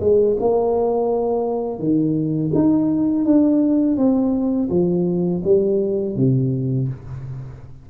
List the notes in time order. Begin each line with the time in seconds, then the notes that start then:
0.00 G#3
0.39 A#3
1.79 D#3
2.54 D#4
3.25 D4
3.97 C4
4.70 F3
5.44 G3
6.16 C3